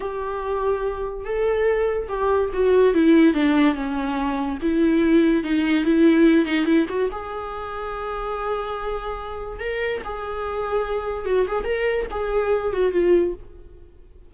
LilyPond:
\new Staff \with { instrumentName = "viola" } { \time 4/4 \tempo 4 = 144 g'2. a'4~ | a'4 g'4 fis'4 e'4 | d'4 cis'2 e'4~ | e'4 dis'4 e'4. dis'8 |
e'8 fis'8 gis'2.~ | gis'2. ais'4 | gis'2. fis'8 gis'8 | ais'4 gis'4. fis'8 f'4 | }